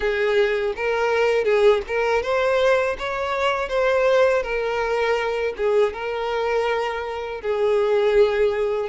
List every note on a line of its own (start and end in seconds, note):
0.00 0.73 G#4
0.76 1.44 A#4
1.44 1.81 G#4
1.87 2.22 A#4
2.22 2.96 C5
2.98 3.68 C#5
3.68 4.42 C5
4.42 5.54 A#4
5.56 5.93 G#4
5.93 7.41 A#4
7.41 8.89 G#4